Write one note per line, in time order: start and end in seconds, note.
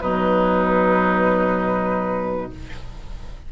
0.00 2.51 B2
0.00 2.50 F#3
0.00 2.52 D#4
0.00 2.50 B4